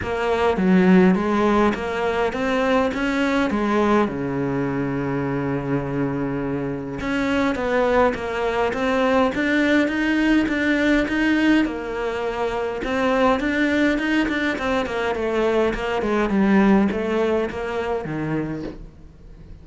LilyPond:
\new Staff \with { instrumentName = "cello" } { \time 4/4 \tempo 4 = 103 ais4 fis4 gis4 ais4 | c'4 cis'4 gis4 cis4~ | cis1 | cis'4 b4 ais4 c'4 |
d'4 dis'4 d'4 dis'4 | ais2 c'4 d'4 | dis'8 d'8 c'8 ais8 a4 ais8 gis8 | g4 a4 ais4 dis4 | }